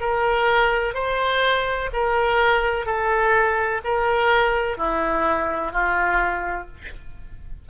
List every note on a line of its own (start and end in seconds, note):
0.00 0.94 A#4
0.94 1.89 C5
1.93 2.86 A#4
2.86 3.81 A4
3.84 4.77 A#4
4.77 5.72 E4
5.72 6.67 F4